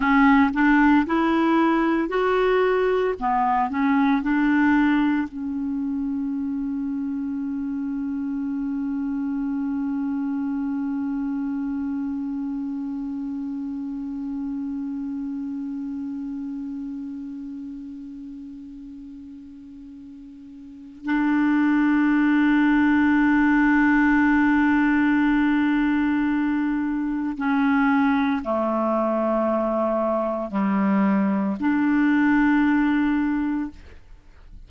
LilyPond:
\new Staff \with { instrumentName = "clarinet" } { \time 4/4 \tempo 4 = 57 cis'8 d'8 e'4 fis'4 b8 cis'8 | d'4 cis'2.~ | cis'1~ | cis'1~ |
cis'1 | d'1~ | d'2 cis'4 a4~ | a4 g4 d'2 | }